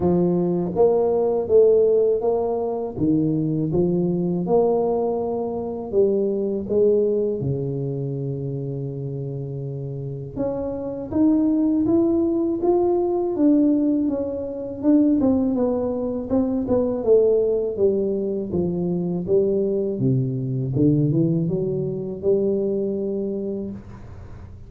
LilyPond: \new Staff \with { instrumentName = "tuba" } { \time 4/4 \tempo 4 = 81 f4 ais4 a4 ais4 | dis4 f4 ais2 | g4 gis4 cis2~ | cis2 cis'4 dis'4 |
e'4 f'4 d'4 cis'4 | d'8 c'8 b4 c'8 b8 a4 | g4 f4 g4 c4 | d8 e8 fis4 g2 | }